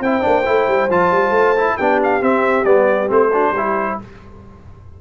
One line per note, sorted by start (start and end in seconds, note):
0.00 0.22 C4
0.00 0.21 E4
0.00 1.77 C5
0.00 0.90 G5
0.21 0.48 A#3
0.21 0.43 D4
0.46 0.68 A3
0.46 0.89 E4
0.68 0.89 G3
0.90 1.11 F3
0.90 1.57 F4
0.90 1.78 A5
1.11 1.30 G3
1.30 1.74 A3
1.57 1.79 E4
1.77 2.22 B3
1.77 2.21 D4
1.77 3.31 G4
1.77 1.99 G5
2.04 2.23 F5
2.21 2.65 C4
2.21 2.65 E5
2.65 3.09 G3
2.65 3.08 B3
2.65 3.08 D5
3.08 3.51 A3
3.08 3.30 C4
3.08 3.99 C5
3.33 3.55 D4
3.33 3.51 F#4
3.51 3.95 G3
3.51 3.95 G4
3.57 4.01 E4